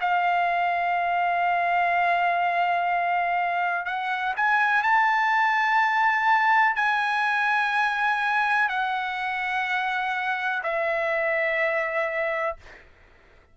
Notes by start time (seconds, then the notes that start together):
0.00 F5
3.85 F#5
4.36 G#5
4.83 A5
6.75 G#5
8.68 F#5
10.63 E5